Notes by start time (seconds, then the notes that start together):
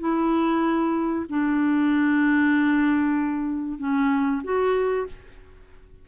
0.00 E4
1.30 D4
3.79 C#4
4.44 F#4